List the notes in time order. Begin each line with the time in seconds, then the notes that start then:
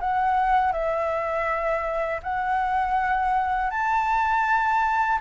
0.00 F#5
0.72 E5
2.23 F#5
3.70 A5